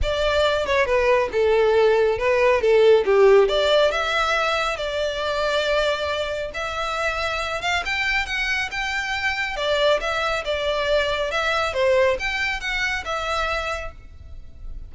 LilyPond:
\new Staff \with { instrumentName = "violin" } { \time 4/4 \tempo 4 = 138 d''4. cis''8 b'4 a'4~ | a'4 b'4 a'4 g'4 | d''4 e''2 d''4~ | d''2. e''4~ |
e''4. f''8 g''4 fis''4 | g''2 d''4 e''4 | d''2 e''4 c''4 | g''4 fis''4 e''2 | }